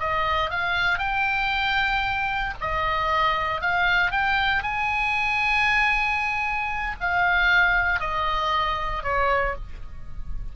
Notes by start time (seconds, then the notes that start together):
0.00 D#5
0.51 F5
0.99 G5
2.61 D#5
3.62 F5
4.11 G5
4.63 G#5
7.01 F5
8.00 D#5
9.04 C#5